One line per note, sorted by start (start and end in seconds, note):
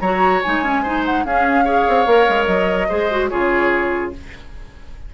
0.00 0.42 F#3
0.00 0.44 F#4
0.00 0.82 C#5
0.00 0.41 A#5
0.42 1.25 G#3
0.42 0.63 D#4
0.42 1.04 G#5
0.63 0.84 C#4
0.82 1.26 D#4
0.82 1.23 C5
1.05 1.25 F#5
1.25 1.86 C#4
1.25 1.64 C#4
1.25 1.64 G#4
1.25 2.45 F5
1.64 2.05 G#4
1.64 2.88 C#5
1.88 2.06 C4
2.06 2.27 A#3
2.06 2.88 A#4
2.29 2.47 G#3
2.45 2.88 F#3
2.45 3.27 D#5
2.88 3.32 G#3
2.88 3.09 G#4
2.88 3.29 C5
3.10 3.31 F#4
3.28 4.14 C#3
3.28 4.13 F4
3.28 4.12 G#4
3.28 4.10 C#5